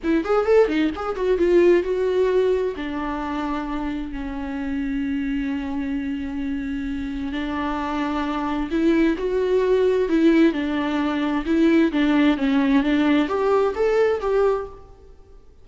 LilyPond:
\new Staff \with { instrumentName = "viola" } { \time 4/4 \tempo 4 = 131 e'8 gis'8 a'8 dis'8 gis'8 fis'8 f'4 | fis'2 d'2~ | d'4 cis'2.~ | cis'1 |
d'2. e'4 | fis'2 e'4 d'4~ | d'4 e'4 d'4 cis'4 | d'4 g'4 a'4 g'4 | }